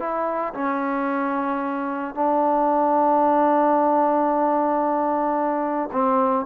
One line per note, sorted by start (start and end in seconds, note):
0.00 0.54 E4
0.54 2.15 C#4
2.15 5.90 D4
5.93 6.46 C4